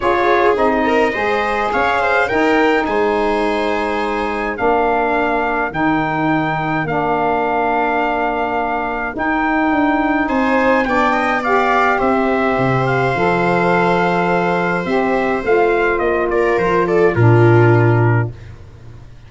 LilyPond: <<
  \new Staff \with { instrumentName = "trumpet" } { \time 4/4 \tempo 4 = 105 cis''4 dis''2 f''4 | g''4 gis''2. | f''2 g''2 | f''1 |
g''2 gis''4 g''4 | f''4 e''4. f''4.~ | f''2 e''4 f''4 | dis''8 d''8 c''8 d''8 ais'2 | }
  \new Staff \with { instrumentName = "viola" } { \time 4/4 gis'4. ais'8 c''4 cis''8 c''8 | ais'4 c''2. | ais'1~ | ais'1~ |
ais'2 c''4 d''8 dis''8 | d''4 c''2.~ | c''1~ | c''8 ais'4 a'8 f'2 | }
  \new Staff \with { instrumentName = "saxophone" } { \time 4/4 f'4 dis'4 gis'2 | dis'1 | d'2 dis'2 | d'1 |
dis'2. d'4 | g'2. a'4~ | a'2 g'4 f'4~ | f'2 d'2 | }
  \new Staff \with { instrumentName = "tuba" } { \time 4/4 cis'4 c'4 gis4 cis'4 | dis'4 gis2. | ais2 dis2 | ais1 |
dis'4 d'4 c'4 b4~ | b4 c'4 c4 f4~ | f2 c'4 a4 | ais4 f4 ais,2 | }
>>